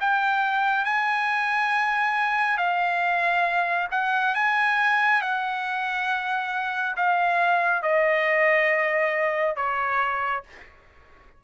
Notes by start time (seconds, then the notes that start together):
0.00 G5
0.84 G#5
2.57 F5
3.91 F#5
4.34 G#5
5.21 F#5
6.96 F5
7.82 D#5
9.56 C#5